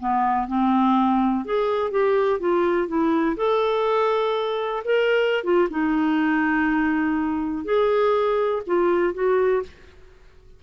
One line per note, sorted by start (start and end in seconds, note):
0.00 0.48 B3
0.48 1.45 C4
1.45 1.91 G#4
1.91 2.40 G4
2.40 2.88 F4
2.88 3.37 E4
3.37 4.83 A4
4.85 5.44 A#4
5.44 5.69 F4
5.71 7.65 D#4
7.65 8.63 G#4
8.67 9.14 F4
9.14 9.63 F#4